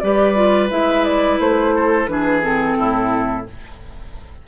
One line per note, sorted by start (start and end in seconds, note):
0.00 0.71 G3
0.00 0.35 G4
0.00 1.75 B4
0.00 0.69 D5
0.35 0.70 F4
0.70 1.39 G#3
0.70 2.07 E4
0.70 1.04 E5
1.04 1.39 D5
1.39 2.07 A3
1.39 2.07 C5
1.75 2.10 A4
2.07 2.76 E3
2.07 2.42 D4
2.07 2.78 G#4
2.07 2.41 B4
2.42 3.46 C4
2.42 3.47 A4
2.78 3.48 A2
2.78 3.47 E4